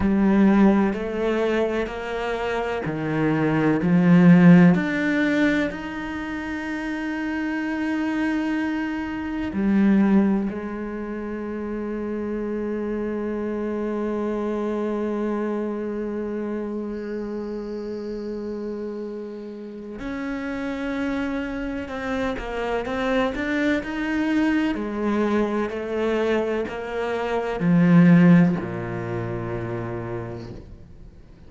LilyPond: \new Staff \with { instrumentName = "cello" } { \time 4/4 \tempo 4 = 63 g4 a4 ais4 dis4 | f4 d'4 dis'2~ | dis'2 g4 gis4~ | gis1~ |
gis1~ | gis4 cis'2 c'8 ais8 | c'8 d'8 dis'4 gis4 a4 | ais4 f4 ais,2 | }